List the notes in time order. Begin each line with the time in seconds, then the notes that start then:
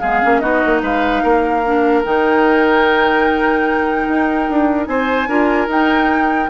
0.00 G#3 B3 G#4 F5
0.22 A#3 C#4
0.39 B3 D#4 F#4 D#5
0.66 A#3
0.82 G#3 B4 F5
1.23 A#3 A#4
1.66 D4
2.03 D#3 D#4 G5
4.08 D#4
4.49 D4
4.86 C4 C5 G#5
5.28 D4 F4 A#4
5.67 D#4 G5